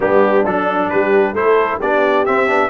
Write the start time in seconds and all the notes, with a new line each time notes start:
0.00 G3 B3 D4 G4
0.45 F#3 D4 A4
0.89 G3 G4 B4
1.33 A3 E4 A4 C5
1.79 B3 D4 G4 D5
2.25 C4 E5
2.47 B3 D4